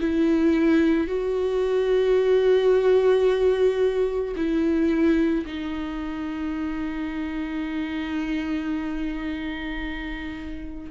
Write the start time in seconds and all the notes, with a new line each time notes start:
0.00 E4
1.07 F#4
4.36 E4
5.45 D#4